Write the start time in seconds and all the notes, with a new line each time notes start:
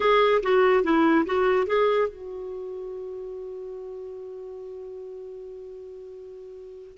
0.00 G#4
0.42 F#4
0.83 E4
1.25 F#4
1.67 G#4
2.08 F#4